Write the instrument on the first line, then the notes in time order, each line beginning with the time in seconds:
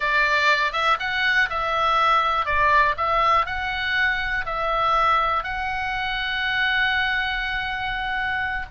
oboe
0.00 D5
0.72 E5
0.99 F#5
1.49 E5
2.45 D5
2.97 E5
3.46 F#5
4.45 E5
5.43 F#5